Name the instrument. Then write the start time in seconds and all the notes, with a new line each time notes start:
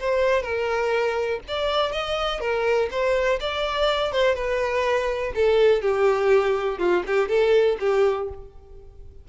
violin
0.00 C5
0.43 A#4
1.48 D5
1.93 D#5
2.41 A#4
2.91 C5
3.41 D5
4.13 C5
4.35 B4
5.35 A4
5.82 G4
6.79 F4
7.07 G4
7.29 A4
7.80 G4